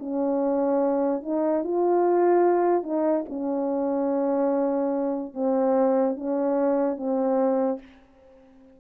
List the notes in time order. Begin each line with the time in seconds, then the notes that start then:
0.00 C#4
1.23 D#4
1.64 F4
2.84 D#4
3.30 C#4
5.35 C4
6.17 C#4
6.98 C4